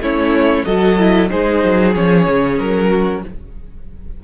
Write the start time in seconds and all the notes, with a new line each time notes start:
0.00 A3 C#4 E4 C#5
0.65 F#3 F#4 A4 D#5
0.99 E4
1.30 G#3 D#4 G#4 C5
1.64 F#3
1.95 F3 C#4 C#5
2.27 C#3
2.59 F#3 A#4
2.90 F#4